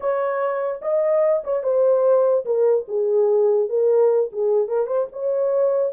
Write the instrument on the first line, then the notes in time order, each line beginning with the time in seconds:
horn
0.00 C#5
0.81 D#5
1.44 C#5
1.63 C5
2.45 A#4
2.88 G#4
3.69 A#4
4.32 G#4
4.67 A#4
4.86 C5
5.12 C#5